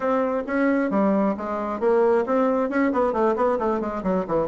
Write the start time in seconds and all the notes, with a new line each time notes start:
0.00 C4
0.47 C#4
0.90 G3
1.37 G#3
1.80 A#3
2.26 C4
2.69 C#4
2.92 B3
3.12 A3
3.35 B3
3.58 A3
3.80 G#3
4.03 F#3
4.27 E3